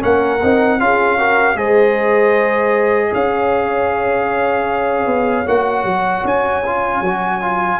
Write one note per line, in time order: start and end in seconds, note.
0.00 0.42 A#3
0.00 0.39 C#4
0.00 0.79 A#4
0.00 0.81 F#5
0.43 0.81 C4
0.43 0.80 D#4
0.80 1.56 C#4
0.80 1.19 F4
0.80 1.19 G#4
0.80 1.57 F5
1.19 1.57 F#4
1.19 1.58 A#4
1.56 3.12 G#3
1.56 5.46 G#4
1.56 3.10 C5
1.56 3.13 D#5
3.10 5.06 C#4
3.10 7.78 C#5
3.10 5.48 F5
5.06 5.45 B3
5.47 5.84 A#3
5.47 6.64 F#4
5.47 6.26 F#5
5.84 6.23 F#3
6.25 7.02 C#4
6.25 7.80 G#5
6.66 7.05 F4
7.02 7.80 F#3
7.02 7.42 F#4
7.42 7.80 F4